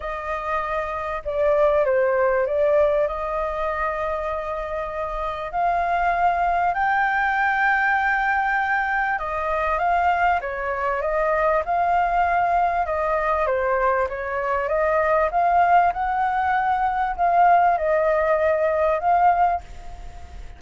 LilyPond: \new Staff \with { instrumentName = "flute" } { \time 4/4 \tempo 4 = 98 dis''2 d''4 c''4 | d''4 dis''2.~ | dis''4 f''2 g''4~ | g''2. dis''4 |
f''4 cis''4 dis''4 f''4~ | f''4 dis''4 c''4 cis''4 | dis''4 f''4 fis''2 | f''4 dis''2 f''4 | }